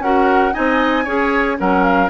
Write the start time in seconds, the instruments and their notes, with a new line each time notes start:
0.00 bassoon C#4, clarinet F#4, oboe A#4, flute F#5
0.52 bassoon C4, clarinet D#4, oboe D#5, flute G#5
1.04 bassoon C#4, clarinet G#4, oboe C#5
1.57 bassoon F#3, clarinet C#4, oboe A#4, flute F#5
1.84 flute F5